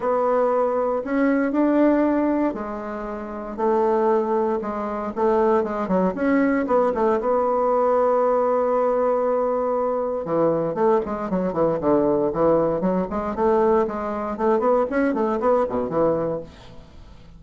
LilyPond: \new Staff \with { instrumentName = "bassoon" } { \time 4/4 \tempo 4 = 117 b2 cis'4 d'4~ | d'4 gis2 a4~ | a4 gis4 a4 gis8 fis8 | cis'4 b8 a8 b2~ |
b1 | e4 a8 gis8 fis8 e8 d4 | e4 fis8 gis8 a4 gis4 | a8 b8 cis'8 a8 b8 b,8 e4 | }